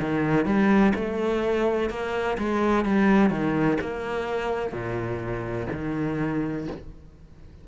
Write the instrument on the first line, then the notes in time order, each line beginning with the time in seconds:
cello
0.00 D#3
0.46 G3
0.96 A3
1.90 A#3
2.39 G#3
2.85 G3
3.30 D#3
3.81 A#3
4.72 A#2
5.73 D#3